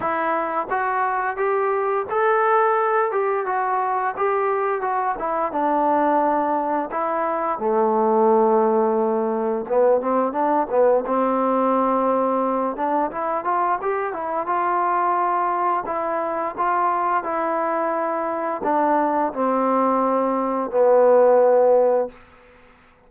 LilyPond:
\new Staff \with { instrumentName = "trombone" } { \time 4/4 \tempo 4 = 87 e'4 fis'4 g'4 a'4~ | a'8 g'8 fis'4 g'4 fis'8 e'8 | d'2 e'4 a4~ | a2 b8 c'8 d'8 b8 |
c'2~ c'8 d'8 e'8 f'8 | g'8 e'8 f'2 e'4 | f'4 e'2 d'4 | c'2 b2 | }